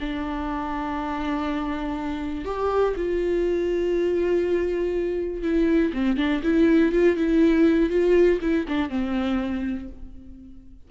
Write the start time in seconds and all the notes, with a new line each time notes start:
0.00 D4
2.45 G4
2.96 F4
5.43 E4
5.94 C4
6.17 D4
6.43 E4
6.92 F4
7.17 E4
7.90 F4
8.41 E4
8.68 D4
8.90 C4